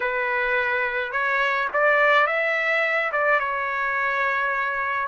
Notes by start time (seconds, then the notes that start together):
0.00 B4
1.12 C#5
1.73 D5
2.26 E5
3.12 D5
3.39 C#5